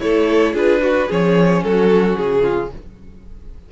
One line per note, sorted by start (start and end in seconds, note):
0.00 0.53 A3
0.00 0.54 E4
0.00 0.55 A4
0.00 0.55 C#5
0.53 1.08 D4
0.53 0.81 F4
0.53 0.82 G#4
0.53 1.12 B4
0.83 1.08 F#4
0.83 1.09 F#4
1.08 1.63 F3
1.08 2.72 C#4
1.08 1.62 G#4
1.08 1.63 C#5
1.63 2.17 F#3
1.63 2.42 F#4
1.63 2.17 A4
2.17 2.72 C#3
2.17 2.71 G#4
2.42 2.69 F4